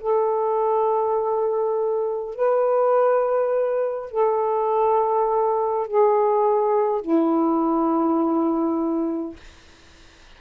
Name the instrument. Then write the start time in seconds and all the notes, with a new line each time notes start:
saxophone
0.00 A4
2.35 B4
4.11 A4
5.87 G#4
7.01 E4